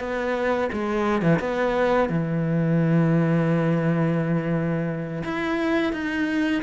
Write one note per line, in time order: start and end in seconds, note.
0.00 0.70 B3
0.73 1.22 G#3
1.22 1.40 E3
1.40 2.09 B3
2.09 5.23 E3
5.24 5.93 E4
5.93 6.63 D#4